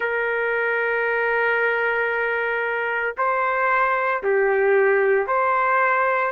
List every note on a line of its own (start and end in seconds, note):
0.00 3.15 A#4
3.17 4.22 C5
4.23 5.27 G4
5.27 6.32 C5